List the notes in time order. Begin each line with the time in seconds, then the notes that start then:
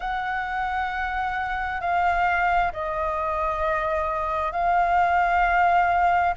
0.00 F#5
1.81 F5
2.73 D#5
4.52 F5